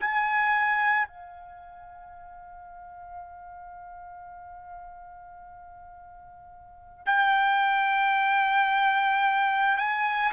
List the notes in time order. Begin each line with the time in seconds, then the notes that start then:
0.00 G#5
1.08 F5
7.06 G5
9.78 G#5